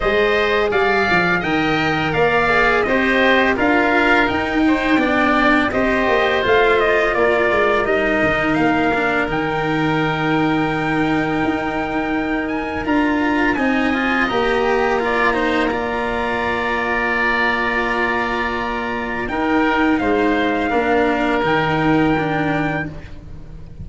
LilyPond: <<
  \new Staff \with { instrumentName = "trumpet" } { \time 4/4 \tempo 4 = 84 dis''4 f''4 g''4 f''4 | dis''4 f''4 g''2 | dis''4 f''8 dis''8 d''4 dis''4 | f''4 g''2.~ |
g''4. gis''8 ais''4 gis''4 | ais''1~ | ais''2. g''4 | f''2 g''2 | }
  \new Staff \with { instrumentName = "oboe" } { \time 4/4 c''4 d''4 dis''4 d''4 | c''4 ais'4. c''8 d''4 | c''2 ais'2~ | ais'1~ |
ais'2. dis''4~ | dis''4 d''8 c''8 d''2~ | d''2. ais'4 | c''4 ais'2. | }
  \new Staff \with { instrumentName = "cello" } { \time 4/4 gis'2 ais'4. gis'8 | g'4 f'4 dis'4 d'4 | g'4 f'2 dis'4~ | dis'8 d'8 dis'2.~ |
dis'2 f'4 dis'8 f'8 | g'4 f'8 dis'8 f'2~ | f'2. dis'4~ | dis'4 d'4 dis'4 d'4 | }
  \new Staff \with { instrumentName = "tuba" } { \time 4/4 gis4 g8 f8 dis4 ais4 | c'4 d'4 dis'4 b4 | c'8 ais8 a4 ais8 gis8 g8 dis8 | ais4 dis2. |
dis'2 d'4 c'4 | ais1~ | ais2. dis'4 | gis4 ais4 dis2 | }
>>